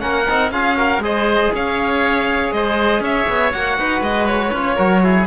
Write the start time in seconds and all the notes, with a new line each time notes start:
0.00 A#3 C#4 A#4 F#5
0.30 C4 D#4
0.51 C#4 F4 G#4 F5
0.77 F#4 A#4
0.99 G#3 G#4
1.05 C5 D#5
1.55 C#4 C#5 F5
2.52 G#3 C5 D#5
3.01 C#4 C#5 E5
3.29 B3
3.53 A#3 F#4 F#5
3.79 D#4 B4
4.02 G#3 D#5
4.27 C#5
4.53 C#4 F4
4.76 F#3 F#4 A#4
5.03 E4 G#4